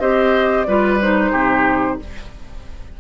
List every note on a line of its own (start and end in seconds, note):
0.00 0.66 C4
0.00 0.66 G4
0.00 0.67 C5
0.00 0.64 D#5
0.64 1.32 G3
0.64 1.01 F4
0.64 1.32 B4
0.64 0.97 D5
1.01 2.00 D#4
1.01 2.00 C5
1.32 1.98 C3
1.32 1.98 G4